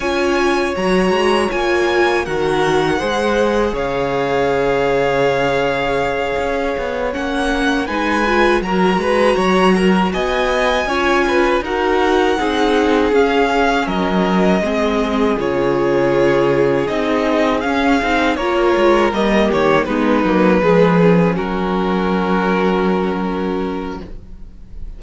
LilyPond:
<<
  \new Staff \with { instrumentName = "violin" } { \time 4/4 \tempo 4 = 80 gis''4 ais''4 gis''4 fis''4~ | fis''4 f''2.~ | f''4. fis''4 gis''4 ais''8~ | ais''4. gis''2 fis''8~ |
fis''4. f''4 dis''4.~ | dis''8 cis''2 dis''4 f''8~ | f''8 cis''4 dis''8 cis''8 b'4.~ | b'8 ais'2.~ ais'8 | }
  \new Staff \with { instrumentName = "violin" } { \time 4/4 cis''2. ais'4 | c''4 cis''2.~ | cis''2~ cis''8 b'4 ais'8 | b'8 cis''8 ais'8 dis''4 cis''8 b'8 ais'8~ |
ais'8 gis'2 ais'4 gis'8~ | gis'1~ | gis'8 ais'4. g'8 dis'4 gis'8~ | gis'8 fis'2.~ fis'8 | }
  \new Staff \with { instrumentName = "viola" } { \time 4/4 f'4 fis'4 f'4 fis'4 | gis'1~ | gis'4. cis'4 dis'8 f'8 fis'8~ | fis'2~ fis'8 f'4 fis'8~ |
fis'8 dis'4 cis'2 c'8~ | c'8 f'2 dis'4 cis'8 | dis'8 f'4 ais4 b8 ais8 gis8 | cis'1 | }
  \new Staff \with { instrumentName = "cello" } { \time 4/4 cis'4 fis8 gis8 ais4 dis4 | gis4 cis2.~ | cis8 cis'8 b8 ais4 gis4 fis8 | gis8 fis4 b4 cis'4 dis'8~ |
dis'8 c'4 cis'4 fis4 gis8~ | gis8 cis2 c'4 cis'8 | c'8 ais8 gis8 g8 dis8 gis8 fis8 f8~ | f8 fis2.~ fis8 | }
>>